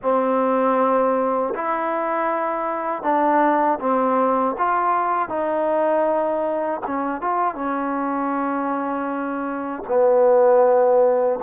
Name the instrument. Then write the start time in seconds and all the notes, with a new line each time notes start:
trombone
0.02 C4
1.55 E4
3.02 D4
3.79 C4
4.58 F4
5.28 D#4
6.86 C#4
7.21 F4
7.55 C#4
9.87 B3